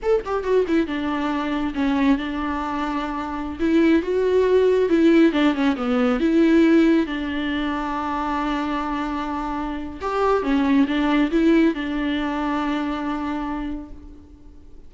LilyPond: \new Staff \with { instrumentName = "viola" } { \time 4/4 \tempo 4 = 138 a'8 g'8 fis'8 e'8 d'2 | cis'4 d'2.~ | d'16 e'4 fis'2 e'8.~ | e'16 d'8 cis'8 b4 e'4.~ e'16~ |
e'16 d'2.~ d'8.~ | d'2. g'4 | cis'4 d'4 e'4 d'4~ | d'1 | }